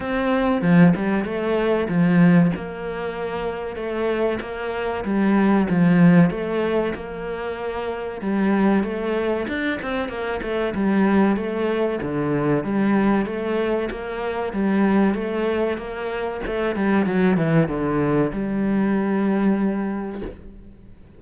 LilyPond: \new Staff \with { instrumentName = "cello" } { \time 4/4 \tempo 4 = 95 c'4 f8 g8 a4 f4 | ais2 a4 ais4 | g4 f4 a4 ais4~ | ais4 g4 a4 d'8 c'8 |
ais8 a8 g4 a4 d4 | g4 a4 ais4 g4 | a4 ais4 a8 g8 fis8 e8 | d4 g2. | }